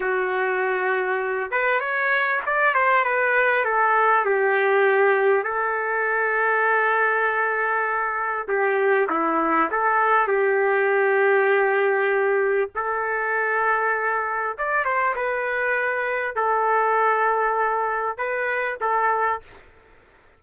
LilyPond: \new Staff \with { instrumentName = "trumpet" } { \time 4/4 \tempo 4 = 99 fis'2~ fis'8 b'8 cis''4 | d''8 c''8 b'4 a'4 g'4~ | g'4 a'2.~ | a'2 g'4 e'4 |
a'4 g'2.~ | g'4 a'2. | d''8 c''8 b'2 a'4~ | a'2 b'4 a'4 | }